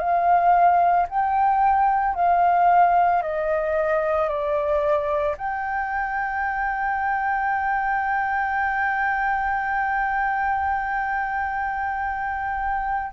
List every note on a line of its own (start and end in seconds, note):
0.00 1.07 F5
1.10 2.15 G5
2.15 3.22 F5
3.22 4.29 D#5
4.29 5.36 D5
5.38 13.13 G5